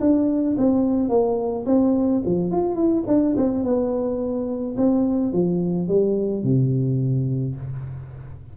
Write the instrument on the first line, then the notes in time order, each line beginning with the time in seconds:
tuba
0.00 D4
0.57 C4
1.09 A#3
1.66 C4
2.25 F3
2.51 F4
2.75 E4
3.07 D4
3.36 C4
3.63 B3
4.77 C4
5.32 F3
5.88 G3
6.43 C3